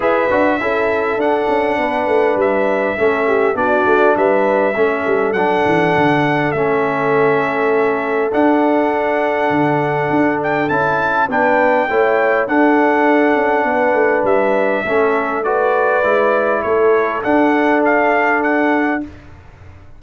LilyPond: <<
  \new Staff \with { instrumentName = "trumpet" } { \time 4/4 \tempo 4 = 101 e''2 fis''2 | e''2 d''4 e''4~ | e''4 fis''2 e''4~ | e''2 fis''2~ |
fis''4. g''8 a''4 g''4~ | g''4 fis''2. | e''2 d''2 | cis''4 fis''4 f''4 fis''4 | }
  \new Staff \with { instrumentName = "horn" } { \time 4/4 b'4 a'2 b'4~ | b'4 a'8 g'8 fis'4 b'4 | a'1~ | a'1~ |
a'2. b'4 | cis''4 a'2 b'4~ | b'4 a'4 b'2 | a'1 | }
  \new Staff \with { instrumentName = "trombone" } { \time 4/4 gis'8 fis'8 e'4 d'2~ | d'4 cis'4 d'2 | cis'4 d'2 cis'4~ | cis'2 d'2~ |
d'2 e'4 d'4 | e'4 d'2.~ | d'4 cis'4 fis'4 e'4~ | e'4 d'2. | }
  \new Staff \with { instrumentName = "tuba" } { \time 4/4 e'8 d'8 cis'4 d'8 cis'8 b8 a8 | g4 a4 b8 a8 g4 | a8 g8 fis8 e8 d4 a4~ | a2 d'2 |
d4 d'4 cis'4 b4 | a4 d'4. cis'8 b8 a8 | g4 a2 gis4 | a4 d'2. | }
>>